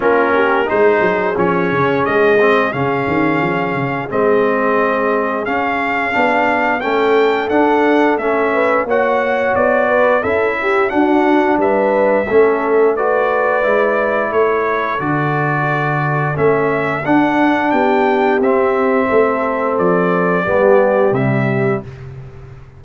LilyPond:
<<
  \new Staff \with { instrumentName = "trumpet" } { \time 4/4 \tempo 4 = 88 ais'4 c''4 cis''4 dis''4 | f''2 dis''2 | f''2 g''4 fis''4 | e''4 fis''4 d''4 e''4 |
fis''4 e''2 d''4~ | d''4 cis''4 d''2 | e''4 fis''4 g''4 e''4~ | e''4 d''2 e''4 | }
  \new Staff \with { instrumentName = "horn" } { \time 4/4 f'8 g'8 gis'2.~ | gis'1~ | gis'2 a'2~ | a'8 b'8 cis''4. b'8 a'8 g'8 |
fis'4 b'4 a'4 b'4~ | b'4 a'2.~ | a'2 g'2 | a'2 g'2 | }
  \new Staff \with { instrumentName = "trombone" } { \time 4/4 cis'4 dis'4 cis'4. c'8 | cis'2 c'2 | cis'4 d'4 cis'4 d'4 | cis'4 fis'2 e'4 |
d'2 cis'4 fis'4 | e'2 fis'2 | cis'4 d'2 c'4~ | c'2 b4 g4 | }
  \new Staff \with { instrumentName = "tuba" } { \time 4/4 ais4 gis8 fis8 f8 cis8 gis4 | cis8 dis8 f8 cis8 gis2 | cis'4 b4 a4 d'4 | a4 ais4 b4 cis'4 |
d'4 g4 a2 | gis4 a4 d2 | a4 d'4 b4 c'4 | a4 f4 g4 c4 | }
>>